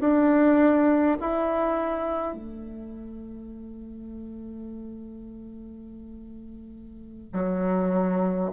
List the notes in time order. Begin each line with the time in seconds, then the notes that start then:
0.00 D4
1.20 E4
2.34 A3
7.33 F#3